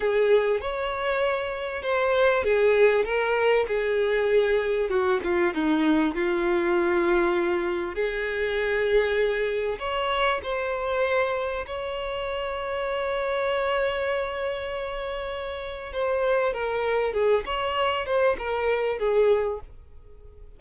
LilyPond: \new Staff \with { instrumentName = "violin" } { \time 4/4 \tempo 4 = 98 gis'4 cis''2 c''4 | gis'4 ais'4 gis'2 | fis'8 f'8 dis'4 f'2~ | f'4 gis'2. |
cis''4 c''2 cis''4~ | cis''1~ | cis''2 c''4 ais'4 | gis'8 cis''4 c''8 ais'4 gis'4 | }